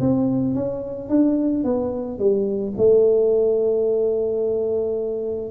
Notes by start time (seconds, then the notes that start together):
0.00 C4
0.55 C#4
1.09 D4
1.64 B3
2.18 G3
2.77 A3